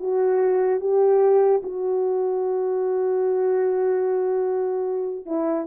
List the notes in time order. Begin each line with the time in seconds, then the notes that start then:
0.00 F#4
0.80 G4
1.63 F#4
5.26 E4